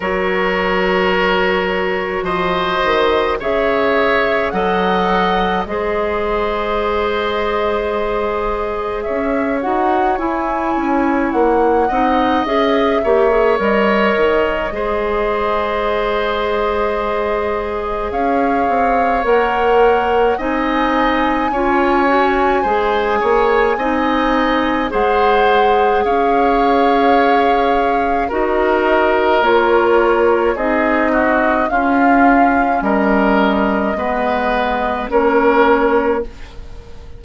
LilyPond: <<
  \new Staff \with { instrumentName = "flute" } { \time 4/4 \tempo 4 = 53 cis''2 dis''4 e''4 | fis''4 dis''2. | e''8 fis''8 gis''4 fis''4 e''4 | dis''1 |
f''4 fis''4 gis''2~ | gis''2 fis''4 f''4~ | f''4 dis''4 cis''4 dis''4 | f''4 dis''2 cis''4 | }
  \new Staff \with { instrumentName = "oboe" } { \time 4/4 ais'2 c''4 cis''4 | dis''4 c''2. | cis''2~ cis''8 dis''4 cis''8~ | cis''4 c''2. |
cis''2 dis''4 cis''4 | c''8 cis''8 dis''4 c''4 cis''4~ | cis''4 ais'2 gis'8 fis'8 | f'4 ais'4 b'4 ais'4 | }
  \new Staff \with { instrumentName = "clarinet" } { \time 4/4 fis'2. gis'4 | a'4 gis'2.~ | gis'8 fis'8 e'4. dis'8 gis'8 g'16 gis'16 | ais'4 gis'2.~ |
gis'4 ais'4 dis'4 f'8 fis'8 | gis'4 dis'4 gis'2~ | gis'4 fis'4 f'4 dis'4 | cis'2 b4 cis'4 | }
  \new Staff \with { instrumentName = "bassoon" } { \time 4/4 fis2 f8 dis8 cis4 | fis4 gis2. | cis'8 dis'8 e'8 cis'8 ais8 c'8 cis'8 ais8 | g8 dis8 gis2. |
cis'8 c'8 ais4 c'4 cis'4 | gis8 ais8 c'4 gis4 cis'4~ | cis'4 dis'4 ais4 c'4 | cis'4 g4 gis4 ais4 | }
>>